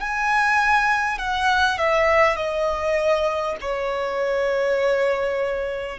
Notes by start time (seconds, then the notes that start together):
0.00 G#5
1.18 F#5
1.78 E5
2.36 D#5
3.61 C#5